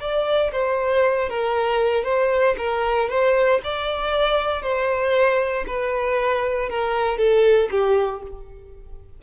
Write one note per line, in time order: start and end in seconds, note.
0.00 0.51 D5
0.52 1.29 C5
1.29 2.04 A#4
2.04 2.55 C5
2.58 3.09 A#4
3.09 3.60 C5
3.63 4.62 D5
4.62 5.65 C5
5.67 6.69 B4
6.69 7.17 A#4
7.17 7.69 A4
7.71 8.22 G4